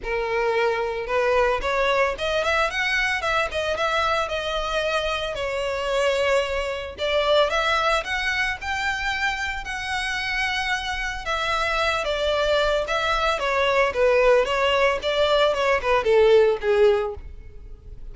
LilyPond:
\new Staff \with { instrumentName = "violin" } { \time 4/4 \tempo 4 = 112 ais'2 b'4 cis''4 | dis''8 e''8 fis''4 e''8 dis''8 e''4 | dis''2 cis''2~ | cis''4 d''4 e''4 fis''4 |
g''2 fis''2~ | fis''4 e''4. d''4. | e''4 cis''4 b'4 cis''4 | d''4 cis''8 b'8 a'4 gis'4 | }